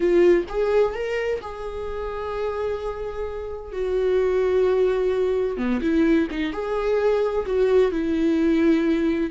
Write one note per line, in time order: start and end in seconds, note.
0.00 0.44 F4
0.49 0.94 G#4
0.94 1.40 A#4
1.41 3.72 G#4
3.72 5.57 F#4
5.57 5.80 B3
5.81 6.28 E4
6.30 6.52 D#4
6.52 7.45 G#4
7.46 7.91 F#4
7.91 9.30 E4